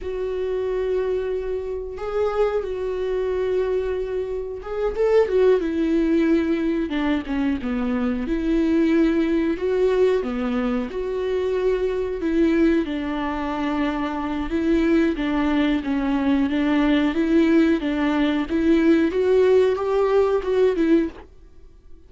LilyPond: \new Staff \with { instrumentName = "viola" } { \time 4/4 \tempo 4 = 91 fis'2. gis'4 | fis'2. gis'8 a'8 | fis'8 e'2 d'8 cis'8 b8~ | b8 e'2 fis'4 b8~ |
b8 fis'2 e'4 d'8~ | d'2 e'4 d'4 | cis'4 d'4 e'4 d'4 | e'4 fis'4 g'4 fis'8 e'8 | }